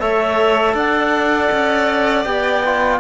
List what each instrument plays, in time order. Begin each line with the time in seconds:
0.00 cello A3, trombone A4, violin C#5, clarinet E5
0.74 cello D4, violin D5, clarinet F#5
1.52 cello C#4
2.24 cello B3, trombone G4, clarinet G5
2.65 trombone F4